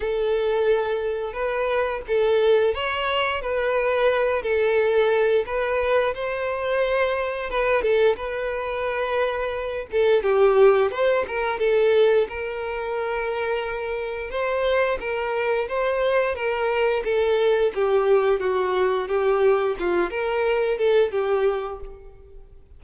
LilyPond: \new Staff \with { instrumentName = "violin" } { \time 4/4 \tempo 4 = 88 a'2 b'4 a'4 | cis''4 b'4. a'4. | b'4 c''2 b'8 a'8 | b'2~ b'8 a'8 g'4 |
c''8 ais'8 a'4 ais'2~ | ais'4 c''4 ais'4 c''4 | ais'4 a'4 g'4 fis'4 | g'4 f'8 ais'4 a'8 g'4 | }